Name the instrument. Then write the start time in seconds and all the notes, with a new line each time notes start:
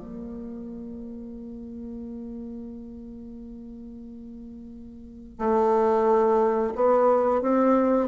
bassoon
0.00 A#3
5.39 A3
6.76 B3
7.42 C4